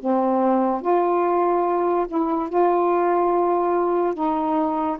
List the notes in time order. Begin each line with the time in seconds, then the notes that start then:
0.00 C4
0.81 F4
2.08 E4
2.48 F4
4.14 D#4